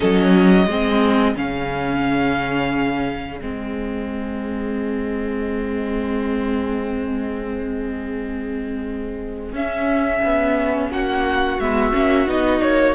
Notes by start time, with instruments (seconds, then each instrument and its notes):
0.00 cello F#3, viola C#4, violin A4 D#5
0.34 violin G#4
0.66 cello G#3, viola C4
1.35 cello C#3, viola C#4, violin F5
3.40 cello G#3, viola C4, violin D#5
9.52 cello C#4, viola C#4, violin E5
10.24 cello B3
10.90 cello A#3, violin F#4 F#5
11.58 cello G#3, viola B3, violin E5
11.93 cello A#3, viola C#4
12.26 cello B3, viola D#4, violin D#5
12.62 cello A#3, violin C#5